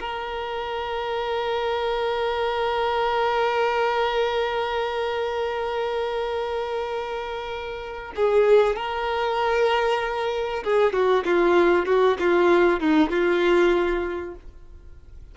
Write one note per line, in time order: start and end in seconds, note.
0.00 8.12 A#4
8.16 8.76 G#4
8.76 10.63 A#4
10.64 10.93 G#4
10.93 11.24 F#4
11.25 11.86 F4
11.86 12.17 F#4
12.19 12.80 F4
12.80 13.10 D#4
13.10 14.35 F4